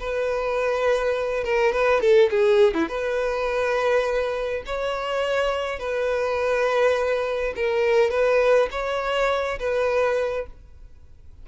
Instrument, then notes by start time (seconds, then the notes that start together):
violin
0.00 B4
1.44 A#4
1.73 B4
2.01 A4
2.31 G#4
2.74 E4
2.89 B4
4.66 C#5
5.79 B4
7.56 A#4
8.11 B4
8.71 C#5
9.59 B4